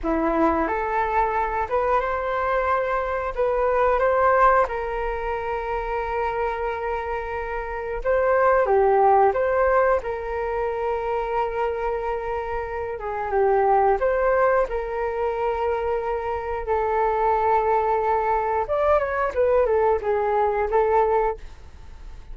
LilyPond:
\new Staff \with { instrumentName = "flute" } { \time 4/4 \tempo 4 = 90 e'4 a'4. b'8 c''4~ | c''4 b'4 c''4 ais'4~ | ais'1 | c''4 g'4 c''4 ais'4~ |
ais'2.~ ais'8 gis'8 | g'4 c''4 ais'2~ | ais'4 a'2. | d''8 cis''8 b'8 a'8 gis'4 a'4 | }